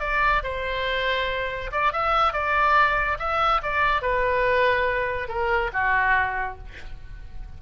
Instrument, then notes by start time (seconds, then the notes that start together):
oboe
0.00 D5
0.43 C5
1.72 D5
1.92 E5
2.33 D5
3.19 E5
3.63 D5
4.02 B4
5.28 A#4
5.73 F#4